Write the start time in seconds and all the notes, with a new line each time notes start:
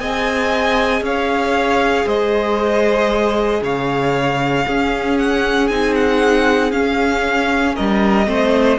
0.00 C4 G#4 D#5 G#5
1.02 C#4 C#5 F5
2.06 G#3 C5 D#5
3.63 C#3 C#5 F5
4.66 C#4 G#4
5.19 F#5
5.68 C4 D#4 G#5
5.96 F#5
6.72 C#4 F5
7.76 G3 A#4 D#5
8.26 A3 C4 C5